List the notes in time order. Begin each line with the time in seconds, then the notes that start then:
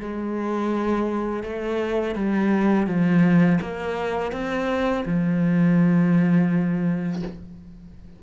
0.00 G#3
1.43 A3
2.15 G3
2.87 F3
3.61 A#3
4.32 C4
5.05 F3